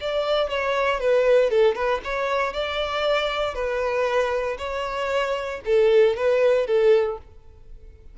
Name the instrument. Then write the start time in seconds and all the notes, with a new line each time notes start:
violin
0.00 D5
0.49 C#5
1.00 B4
1.50 A4
1.75 B4
2.04 C#5
2.53 D5
3.54 B4
4.58 C#5
5.65 A4
6.16 B4
6.66 A4